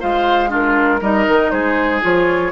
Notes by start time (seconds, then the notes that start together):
0.00 G#3 F4 C5 F5
0.48 D4 F4 A#4
1.00 G3 D#4 A#4 D#5
1.27 D#3
1.50 G#3 G#4 C5
2.01 F3 F4 C#5